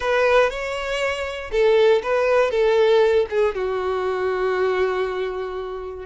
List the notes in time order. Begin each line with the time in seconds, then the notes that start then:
0.00 B4
0.50 C#5
1.51 A4
2.02 B4
2.50 A4
3.29 G#4
3.54 F#4